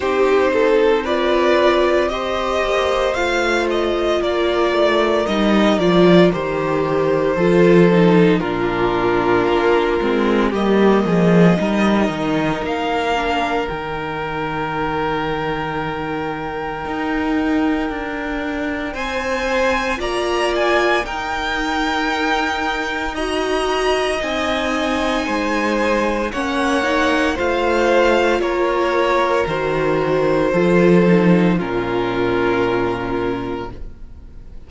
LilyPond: <<
  \new Staff \with { instrumentName = "violin" } { \time 4/4 \tempo 4 = 57 c''4 d''4 dis''4 f''8 dis''8 | d''4 dis''8 d''8 c''2 | ais'2 dis''2 | f''4 g''2.~ |
g''2 gis''4 ais''8 gis''8 | g''2 ais''4 gis''4~ | gis''4 fis''4 f''4 cis''4 | c''2 ais'2 | }
  \new Staff \with { instrumentName = "violin" } { \time 4/4 g'8 a'8 b'4 c''2 | ais'2. a'4 | f'2 g'8 gis'8 ais'4~ | ais'1~ |
ais'2 c''4 d''4 | ais'2 dis''2 | c''4 cis''4 c''4 ais'4~ | ais'4 a'4 f'2 | }
  \new Staff \with { instrumentName = "viola" } { \time 4/4 dis'4 f'4 g'4 f'4~ | f'4 dis'8 f'8 g'4 f'8 dis'8 | d'4. c'8 ais4 dis'4~ | dis'8 d'8 dis'2.~ |
dis'2. f'4 | dis'2 fis'4 dis'4~ | dis'4 cis'8 dis'8 f'2 | fis'4 f'8 dis'8 cis'2 | }
  \new Staff \with { instrumentName = "cello" } { \time 4/4 c'2~ c'8 ais8 a4 | ais8 a8 g8 f8 dis4 f4 | ais,4 ais8 gis8 g8 f8 g8 dis8 | ais4 dis2. |
dis'4 d'4 c'4 ais4 | dis'2. c'4 | gis4 ais4 a4 ais4 | dis4 f4 ais,2 | }
>>